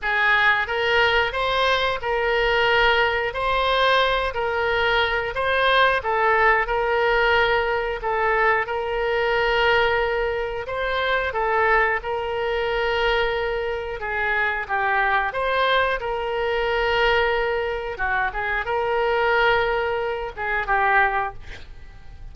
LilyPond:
\new Staff \with { instrumentName = "oboe" } { \time 4/4 \tempo 4 = 90 gis'4 ais'4 c''4 ais'4~ | ais'4 c''4. ais'4. | c''4 a'4 ais'2 | a'4 ais'2. |
c''4 a'4 ais'2~ | ais'4 gis'4 g'4 c''4 | ais'2. fis'8 gis'8 | ais'2~ ais'8 gis'8 g'4 | }